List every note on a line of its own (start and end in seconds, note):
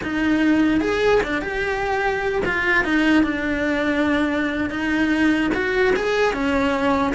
0.03 0.80 D#4
0.80 1.21 G#4
1.23 1.41 D4
1.41 2.42 G4
2.45 2.84 F4
2.84 3.23 D#4
3.23 4.70 D4
4.70 5.50 D#4
5.54 5.94 F#4
5.96 6.33 G#4
6.33 7.13 C#4